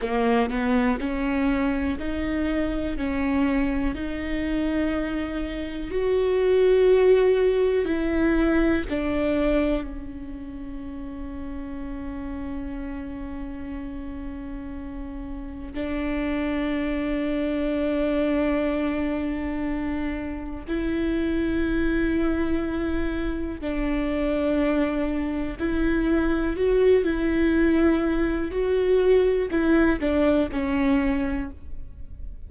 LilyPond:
\new Staff \with { instrumentName = "viola" } { \time 4/4 \tempo 4 = 61 ais8 b8 cis'4 dis'4 cis'4 | dis'2 fis'2 | e'4 d'4 cis'2~ | cis'1 |
d'1~ | d'4 e'2. | d'2 e'4 fis'8 e'8~ | e'4 fis'4 e'8 d'8 cis'4 | }